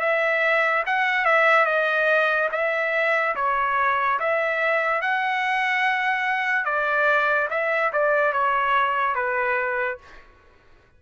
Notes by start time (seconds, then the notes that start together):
0.00 E5
0.86 F#5
1.25 E5
1.66 D#5
2.52 E5
3.36 C#5
4.19 E5
5.01 F#5
6.65 D5
7.50 E5
7.92 D5
8.33 C#5
9.15 B4